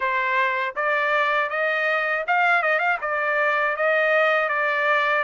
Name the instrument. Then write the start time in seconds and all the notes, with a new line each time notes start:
trumpet
0.00 C5
0.75 D5
1.49 D#5
2.27 F5
2.62 D#5
2.79 F5
3.01 D5
3.76 D#5
4.48 D5